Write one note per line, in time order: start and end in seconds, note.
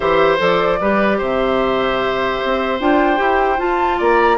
0.00 0.39 E3
0.00 0.38 G4
0.00 0.79 C5
0.00 0.38 E5
0.38 0.79 F3
0.38 0.78 A4
0.38 1.21 D5
0.80 1.20 G3
0.80 2.80 G4
0.80 1.18 B4
1.18 2.40 C3
1.18 3.98 C5
1.18 2.80 E5
2.44 2.80 C4
2.80 3.20 D4
2.80 3.16 F4
2.80 3.59 G5
3.16 3.59 E4
3.16 3.56 G4
3.58 4.37 F4
3.58 3.99 F4
3.58 3.99 A5
3.98 4.37 A#3
3.98 4.37 D5
3.98 4.37 A#5